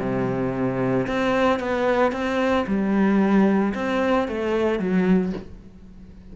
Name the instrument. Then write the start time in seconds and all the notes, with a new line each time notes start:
cello
0.00 C3
1.07 C4
1.60 B3
2.12 C4
2.67 G3
3.75 C4
4.28 A3
4.79 F#3